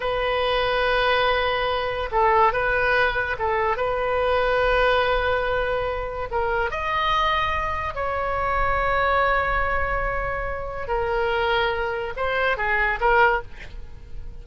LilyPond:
\new Staff \with { instrumentName = "oboe" } { \time 4/4 \tempo 4 = 143 b'1~ | b'4 a'4 b'2 | a'4 b'2.~ | b'2. ais'4 |
dis''2. cis''4~ | cis''1~ | cis''2 ais'2~ | ais'4 c''4 gis'4 ais'4 | }